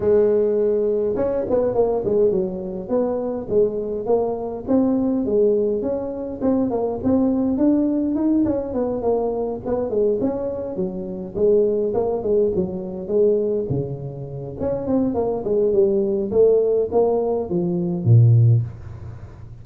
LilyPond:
\new Staff \with { instrumentName = "tuba" } { \time 4/4 \tempo 4 = 103 gis2 cis'8 b8 ais8 gis8 | fis4 b4 gis4 ais4 | c'4 gis4 cis'4 c'8 ais8 | c'4 d'4 dis'8 cis'8 b8 ais8~ |
ais8 b8 gis8 cis'4 fis4 gis8~ | gis8 ais8 gis8 fis4 gis4 cis8~ | cis4 cis'8 c'8 ais8 gis8 g4 | a4 ais4 f4 ais,4 | }